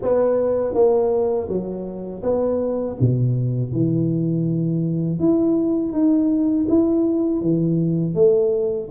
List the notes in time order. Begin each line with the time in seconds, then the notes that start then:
0.02 B3
0.74 A#3
1.48 F#3
2.22 B3
3.00 B2
3.72 E3
5.19 E4
5.92 D#4
6.68 E4
7.41 E3
8.14 A3